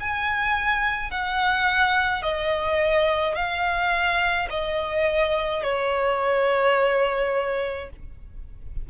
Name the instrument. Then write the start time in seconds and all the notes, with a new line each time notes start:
violin
0.00 G#5
1.11 F#5
2.23 D#5
3.36 F5
4.50 D#5
5.63 C#5